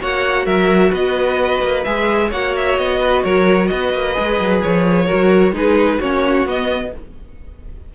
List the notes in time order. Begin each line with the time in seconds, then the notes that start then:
0.00 A#3 F#4 C#5 F#5
0.46 F#3 A#4 E5
0.91 B3 B4 D#5
1.62 A#3
1.84 G#3 G#4 E5
2.29 A#3 F#4 C#5 F#5
2.56 E5
2.78 B3 D#5
3.00 B4
3.24 F#3 A#4 C#5
3.68 B3 B4 D#5
3.94 A#3
4.15 G#3 G#4
4.40 F#3
4.63 F3 C#5
5.06 F#4 A#4
5.13 F#3
5.53 G#3 D#4 G#4 B4
5.99 A#3 C#4 F#4 C#5
6.46 B3 D#5